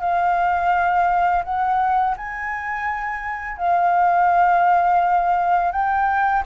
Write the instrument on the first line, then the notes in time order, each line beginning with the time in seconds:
flute
0.00 F5
1.44 F#5
2.17 G#5
3.57 F5
5.71 G5